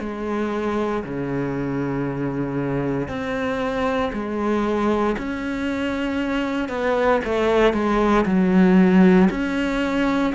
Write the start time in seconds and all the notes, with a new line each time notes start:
0.00 G#3
1.04 C#3
3.08 C4
4.13 G#3
5.18 C#4
6.69 B3
7.25 A3
7.74 G#3
8.26 F#3
9.30 C#4